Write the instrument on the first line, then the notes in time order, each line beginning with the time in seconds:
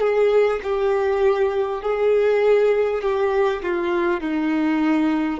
violin
0.00 G#4
0.63 G4
1.82 G#4
3.02 G4
3.62 F4
4.20 D#4